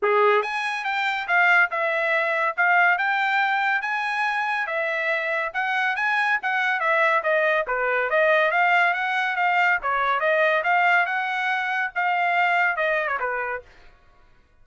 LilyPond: \new Staff \with { instrumentName = "trumpet" } { \time 4/4 \tempo 4 = 141 gis'4 gis''4 g''4 f''4 | e''2 f''4 g''4~ | g''4 gis''2 e''4~ | e''4 fis''4 gis''4 fis''4 |
e''4 dis''4 b'4 dis''4 | f''4 fis''4 f''4 cis''4 | dis''4 f''4 fis''2 | f''2 dis''8. cis''16 b'4 | }